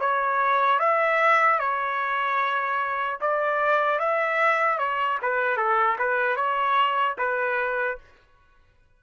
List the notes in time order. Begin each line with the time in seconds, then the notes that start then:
0.00 C#5
0.79 E5
1.59 C#5
3.21 D5
3.99 E5
4.79 C#5
5.22 B4
5.57 A4
5.99 B4
6.36 C#5
7.18 B4